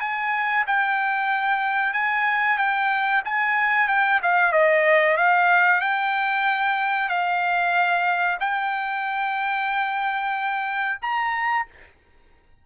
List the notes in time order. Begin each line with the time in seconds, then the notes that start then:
0.00 G#5
0.67 G5
1.94 G#5
2.58 G5
3.25 G#5
3.88 G5
4.23 F5
4.53 D#5
5.17 F5
5.81 G5
7.09 F5
8.40 G5
11.02 A#5